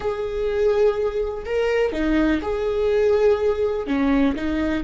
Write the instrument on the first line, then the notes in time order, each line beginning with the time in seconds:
viola
0.00 G#4
1.45 A#4
1.92 D#4
2.41 G#4
3.86 C#4
4.35 D#4